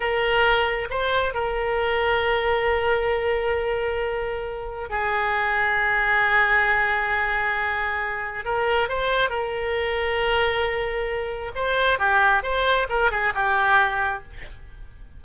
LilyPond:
\new Staff \with { instrumentName = "oboe" } { \time 4/4 \tempo 4 = 135 ais'2 c''4 ais'4~ | ais'1~ | ais'2. gis'4~ | gis'1~ |
gis'2. ais'4 | c''4 ais'2.~ | ais'2 c''4 g'4 | c''4 ais'8 gis'8 g'2 | }